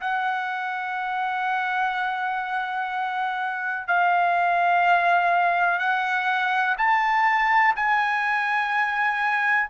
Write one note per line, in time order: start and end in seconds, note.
0.00 3.87 F#5
3.87 5.78 F5
5.78 6.75 F#5
6.77 7.74 A5
7.76 9.69 G#5